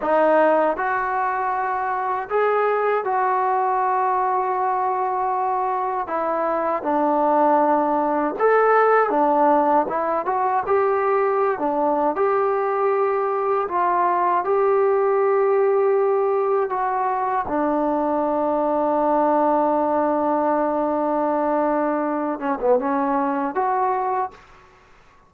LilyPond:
\new Staff \with { instrumentName = "trombone" } { \time 4/4 \tempo 4 = 79 dis'4 fis'2 gis'4 | fis'1 | e'4 d'2 a'4 | d'4 e'8 fis'8 g'4~ g'16 d'8. |
g'2 f'4 g'4~ | g'2 fis'4 d'4~ | d'1~ | d'4. cis'16 b16 cis'4 fis'4 | }